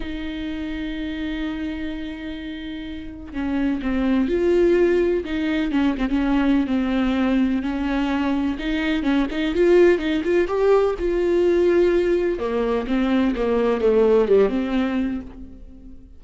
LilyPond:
\new Staff \with { instrumentName = "viola" } { \time 4/4 \tempo 4 = 126 dis'1~ | dis'2. cis'4 | c'4 f'2 dis'4 | cis'8 c'16 cis'4~ cis'16 c'2 |
cis'2 dis'4 cis'8 dis'8 | f'4 dis'8 f'8 g'4 f'4~ | f'2 ais4 c'4 | ais4 a4 g8 c'4. | }